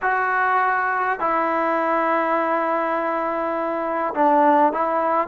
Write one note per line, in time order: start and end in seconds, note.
0.02 1.19 F#4
1.19 4.13 E4
4.14 4.72 D4
4.72 5.27 E4